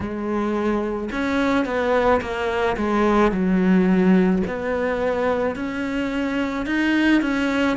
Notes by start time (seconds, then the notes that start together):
0.00 G#3
1.12 C#4
1.65 B3
2.21 A#3
2.76 G#3
3.31 F#3
4.46 B3
5.56 C#4
6.66 D#4
7.21 C#4